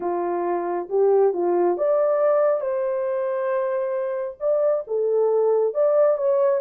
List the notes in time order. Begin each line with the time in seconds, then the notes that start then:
0.00 F4
0.89 G4
1.33 F4
1.77 D5
2.60 C5
4.40 D5
4.87 A4
5.74 D5
6.17 C#5